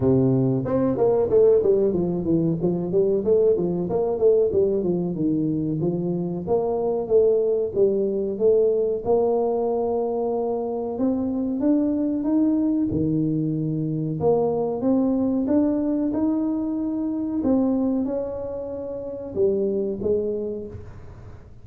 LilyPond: \new Staff \with { instrumentName = "tuba" } { \time 4/4 \tempo 4 = 93 c4 c'8 ais8 a8 g8 f8 e8 | f8 g8 a8 f8 ais8 a8 g8 f8 | dis4 f4 ais4 a4 | g4 a4 ais2~ |
ais4 c'4 d'4 dis'4 | dis2 ais4 c'4 | d'4 dis'2 c'4 | cis'2 g4 gis4 | }